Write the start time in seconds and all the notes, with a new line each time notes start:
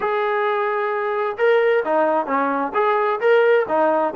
0.00 G#4
1.37 A#4
1.84 D#4
2.26 C#4
2.74 G#4
3.20 A#4
3.68 D#4